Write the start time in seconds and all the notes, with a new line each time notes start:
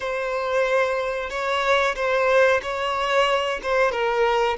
0.00 C5
1.30 C#5
1.95 C5
2.62 C#5
3.62 C5
3.91 A#4